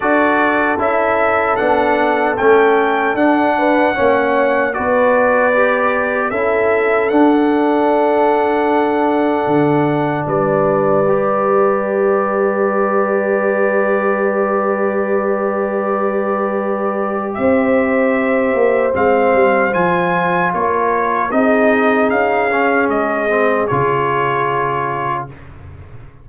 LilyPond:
<<
  \new Staff \with { instrumentName = "trumpet" } { \time 4/4 \tempo 4 = 76 d''4 e''4 fis''4 g''4 | fis''2 d''2 | e''4 fis''2.~ | fis''4 d''2.~ |
d''1~ | d''2 e''2 | f''4 gis''4 cis''4 dis''4 | f''4 dis''4 cis''2 | }
  \new Staff \with { instrumentName = "horn" } { \time 4/4 a'1~ | a'8 b'8 cis''4 b'2 | a'1~ | a'4 b'2.~ |
b'1~ | b'2 c''2~ | c''2 ais'4 gis'4~ | gis'1 | }
  \new Staff \with { instrumentName = "trombone" } { \time 4/4 fis'4 e'4 d'4 cis'4 | d'4 cis'4 fis'4 g'4 | e'4 d'2.~ | d'2 g'2~ |
g'1~ | g'1 | c'4 f'2 dis'4~ | dis'8 cis'4 c'8 f'2 | }
  \new Staff \with { instrumentName = "tuba" } { \time 4/4 d'4 cis'4 b4 a4 | d'4 ais4 b2 | cis'4 d'2. | d4 g2.~ |
g1~ | g2 c'4. ais8 | gis8 g8 f4 ais4 c'4 | cis'4 gis4 cis2 | }
>>